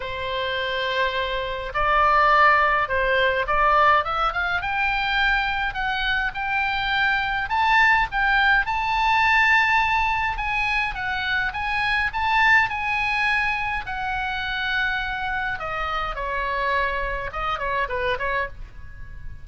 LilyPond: \new Staff \with { instrumentName = "oboe" } { \time 4/4 \tempo 4 = 104 c''2. d''4~ | d''4 c''4 d''4 e''8 f''8 | g''2 fis''4 g''4~ | g''4 a''4 g''4 a''4~ |
a''2 gis''4 fis''4 | gis''4 a''4 gis''2 | fis''2. dis''4 | cis''2 dis''8 cis''8 b'8 cis''8 | }